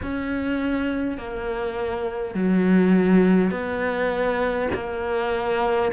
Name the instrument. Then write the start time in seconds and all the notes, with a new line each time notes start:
cello
0.02 C#4
1.17 A#3
2.34 F#3
3.50 B3
4.73 A#3